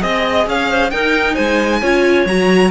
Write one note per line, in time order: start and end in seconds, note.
0.00 0.47 C4
0.00 0.90 G#4
0.00 0.45 D#5
0.00 0.47 D#5
0.47 0.92 C#4
0.47 0.70 C#5
0.47 0.90 F5
0.70 0.92 C5
0.90 1.81 D#4
0.90 1.37 D#4
0.90 1.34 A#4
0.90 1.34 G5
1.34 1.82 G#3
1.34 1.79 C5
1.34 2.25 G#5
1.82 2.25 C#4
1.82 2.27 F4
1.82 2.70 C#5
2.25 2.70 F#3
2.25 2.70 F#4
2.25 2.70 A#5